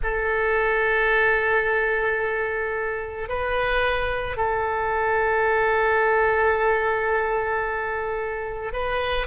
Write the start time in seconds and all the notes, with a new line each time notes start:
0.03 A4
3.29 B4
4.37 A4
8.72 B4